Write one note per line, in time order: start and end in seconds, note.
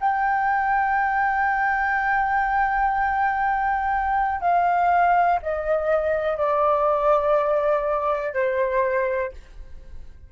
0.00 4.41 G5
4.41 5.39 F5
5.42 6.37 D#5
6.37 8.33 D5
8.33 9.32 C5